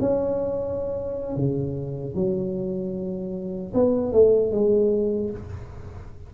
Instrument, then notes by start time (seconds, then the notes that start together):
tuba
0.00 C#4
1.36 C#3
2.15 F#3
3.74 B3
4.12 A3
4.51 G#3